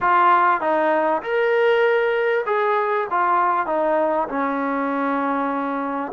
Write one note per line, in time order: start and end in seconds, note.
0.00 0.60 F4
0.60 1.22 D#4
1.22 2.45 A#4
2.45 3.07 G#4
3.10 3.66 F4
3.66 4.27 D#4
4.28 6.12 C#4